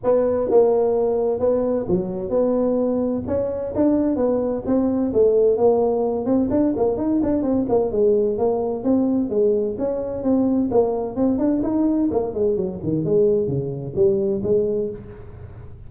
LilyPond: \new Staff \with { instrumentName = "tuba" } { \time 4/4 \tempo 4 = 129 b4 ais2 b4 | fis4 b2 cis'4 | d'4 b4 c'4 a4 | ais4. c'8 d'8 ais8 dis'8 d'8 |
c'8 ais8 gis4 ais4 c'4 | gis4 cis'4 c'4 ais4 | c'8 d'8 dis'4 ais8 gis8 fis8 dis8 | gis4 cis4 g4 gis4 | }